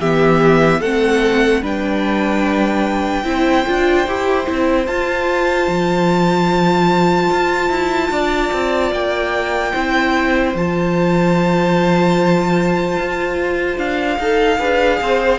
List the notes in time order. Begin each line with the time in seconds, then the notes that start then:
0.00 E3 B3 G4 E5
0.80 A3 C4 A4 F#5
1.62 G3 D4 B4 G5
3.24 C4 E4 C5
3.66 D4 F4
4.07 E4 G4
4.45 C4 E4
4.87 F4 A5
5.67 F3
7.31 F4
7.70 E4
8.11 D4 D5
8.53 C4
8.92 A#3 G5
9.72 C4 E4 C5
10.54 F3 F4 A5
12.98 F4
13.78 D4 F5
14.19 D#4 A4
14.59 D4 G#4 B4
15.01 C4 C5